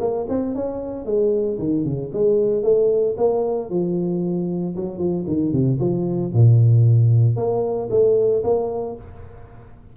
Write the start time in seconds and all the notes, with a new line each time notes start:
0.00 A#3
0.29 C4
0.55 C#4
1.06 G#3
1.59 D#3
1.85 C#3
2.13 G#3
2.63 A3
3.17 A#3
3.70 F3
4.76 F#3
4.98 F3
5.27 D#3
5.52 C3
5.80 F3
6.33 A#2
7.36 A#3
7.90 A3
8.43 A#3